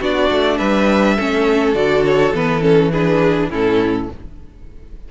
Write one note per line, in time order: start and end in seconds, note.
0.00 0.30 B3
0.00 1.18 D4
0.00 0.58 F#4
0.00 0.58 D5
0.31 0.60 A3
0.58 1.18 G3
0.58 1.16 B4
0.58 1.74 E5
1.16 1.75 A3
1.16 1.75 C#4
1.16 2.91 A4
1.75 2.33 D3
1.75 2.33 F#4
1.75 2.04 D5
2.04 2.33 C#5
2.33 3.50 E3
2.33 2.61 B3
2.33 2.63 B4
2.61 2.90 C#4
2.61 2.92 A4
2.91 3.51 D4
2.91 3.49 G#4
2.91 3.50 B4
3.50 4.08 A2
3.50 4.09 C#4
3.50 4.08 E4
3.50 4.11 A4